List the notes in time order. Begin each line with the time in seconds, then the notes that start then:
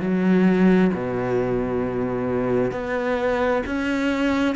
0.00 F#3
0.93 B2
2.71 B3
3.66 C#4